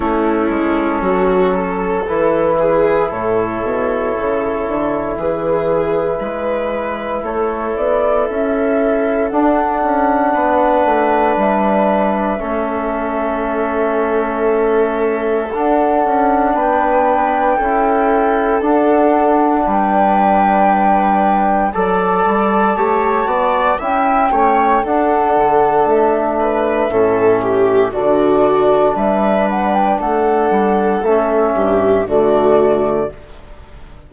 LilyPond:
<<
  \new Staff \with { instrumentName = "flute" } { \time 4/4 \tempo 4 = 58 a'2 b'4 cis''4~ | cis''4 b'2 cis''8 d''8 | e''4 fis''2 e''4~ | e''2. fis''4 |
g''2 fis''4 g''4~ | g''4 a''2 g''4 | fis''4 e''2 d''4 | e''8 fis''16 g''16 fis''4 e''4 d''4 | }
  \new Staff \with { instrumentName = "viola" } { \time 4/4 e'4 fis'8 a'4 gis'8 a'4~ | a'4 gis'4 b'4 a'4~ | a'2 b'2 | a'1 |
b'4 a'2 b'4~ | b'4 d''4 cis''8 d''8 e''8 cis''8 | a'4. b'8 a'8 g'8 fis'4 | b'4 a'4. g'8 fis'4 | }
  \new Staff \with { instrumentName = "trombone" } { \time 4/4 cis'2 e'2~ | e'1~ | e'4 d'2. | cis'2. d'4~ |
d'4 e'4 d'2~ | d'4 a'4 g'8 fis'8 e'8 cis'8 | d'2 cis'4 d'4~ | d'2 cis'4 a4 | }
  \new Staff \with { instrumentName = "bassoon" } { \time 4/4 a8 gis8 fis4 e4 a,8 b,8 | cis8 d8 e4 gis4 a8 b8 | cis'4 d'8 cis'8 b8 a8 g4 | a2. d'8 cis'8 |
b4 cis'4 d'4 g4~ | g4 fis8 g8 a8 b8 cis'8 a8 | d'8 d8 a4 a,4 d4 | g4 a8 g8 a8 g,8 d4 | }
>>